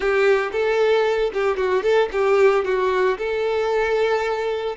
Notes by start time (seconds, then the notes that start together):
0.00 G4
0.52 A4
1.33 G4
1.56 F#4
1.82 A4
2.12 G4
2.65 F#4
3.18 A4